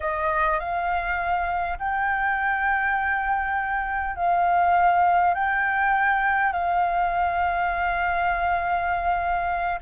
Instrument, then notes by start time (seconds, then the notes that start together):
flute
0.00 D#5
0.59 F5
1.78 G5
4.16 F5
5.34 G5
6.52 F5